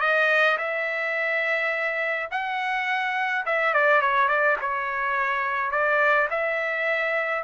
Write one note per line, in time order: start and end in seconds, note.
0.00 0.57 D#5
0.58 2.29 E5
2.31 3.45 F#5
3.46 3.74 E5
3.74 4.01 D5
4.01 4.28 C#5
4.28 4.56 D5
4.61 5.71 C#5
5.71 6.28 D5
6.30 7.43 E5